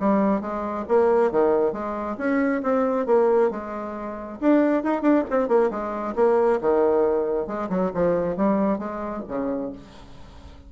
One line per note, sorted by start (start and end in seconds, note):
0.00 0.41 G3
0.41 0.85 G#3
0.88 1.32 A#3
1.32 1.73 D#3
1.73 2.17 G#3
2.18 2.62 C#4
2.63 3.07 C4
3.07 3.51 A#3
3.51 4.39 G#3
4.41 4.84 D4
4.84 5.02 D#4
5.02 5.24 D4
5.31 5.48 C4
5.48 5.71 A#3
5.71 6.15 G#3
6.16 6.60 A#3
6.61 7.47 D#3
7.47 7.69 G#3
7.70 7.92 F#3
7.94 8.37 F3
8.37 8.79 G3
8.79 9.23 G#3
9.28 9.73 C#3